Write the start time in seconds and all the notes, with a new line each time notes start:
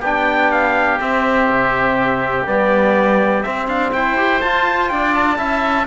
0.00 B3 D4 G4 G5
0.51 F5
0.99 C4 E5
1.49 C3
2.45 G3 B3 D5
3.43 C4 E5
3.67 D4 F5
3.92 E4 C5 G5
4.16 G4
4.41 F4 A5
4.89 D4 D5 G5
5.14 A5
5.36 C#4 E4 E5